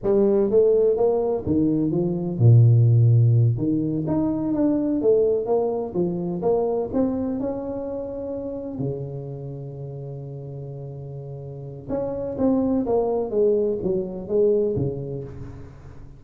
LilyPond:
\new Staff \with { instrumentName = "tuba" } { \time 4/4 \tempo 4 = 126 g4 a4 ais4 dis4 | f4 ais,2~ ais,8 dis8~ | dis8 dis'4 d'4 a4 ais8~ | ais8 f4 ais4 c'4 cis'8~ |
cis'2~ cis'8 cis4.~ | cis1~ | cis4 cis'4 c'4 ais4 | gis4 fis4 gis4 cis4 | }